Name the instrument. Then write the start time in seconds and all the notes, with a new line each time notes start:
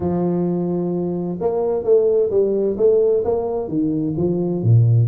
tuba
0.00 F3
1.40 A#3
1.83 A3
2.30 G3
2.77 A3
3.24 A#3
3.68 D#3
4.16 F3
4.62 A#2